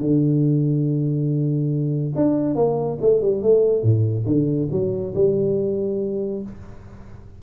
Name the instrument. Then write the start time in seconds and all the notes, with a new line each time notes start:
tuba
0.00 D3
2.15 D4
2.55 A#3
3.01 A3
3.21 G3
3.42 A3
3.82 A2
4.26 D3
4.71 F#3
5.14 G3